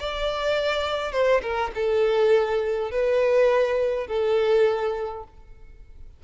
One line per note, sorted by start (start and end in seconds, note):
0.00 1.13 D5
1.13 1.42 C5
1.42 1.72 A#4
1.75 2.92 A4
2.92 4.08 B4
4.08 5.24 A4